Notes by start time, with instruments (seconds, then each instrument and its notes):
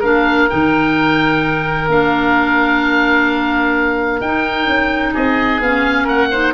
0.00 tuba A#3, clarinet D4, oboe A#4 F5
0.49 tuba D#3, clarinet D#4, oboe G5
1.88 tuba A#3, clarinet D4, oboe F5
4.21 tuba D#4, clarinet D#4, oboe G5
4.67 tuba C#4
5.13 tuba C4, oboe G#4 D#5
5.60 tuba B3, clarinet C#4, oboe F5
6.04 tuba A#3, oboe A#4 F#5
6.31 clarinet D#4, oboe C5